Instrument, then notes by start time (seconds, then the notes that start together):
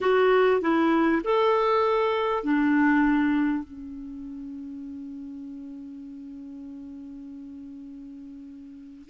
clarinet
0.00 F#4
0.61 E4
1.24 A4
2.43 D4
3.64 C#4